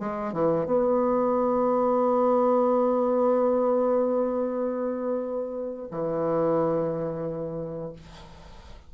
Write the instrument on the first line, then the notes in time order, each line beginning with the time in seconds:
bassoon
0.00 G#3
0.33 E3
0.66 B3
5.91 E3